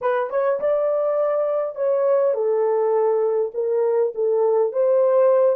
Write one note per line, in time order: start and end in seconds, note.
0.01 0.30 B4
0.30 0.59 C#5
0.60 1.75 D5
1.75 2.34 C#5
2.34 3.51 A4
3.53 4.12 A#4
4.14 4.72 A4
4.72 5.56 C5